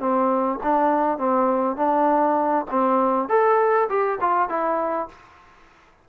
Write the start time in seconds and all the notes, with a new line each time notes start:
0.00 C4
0.64 D4
1.18 C4
1.77 D4
2.71 C4
3.29 A4
3.89 G4
4.21 F4
4.49 E4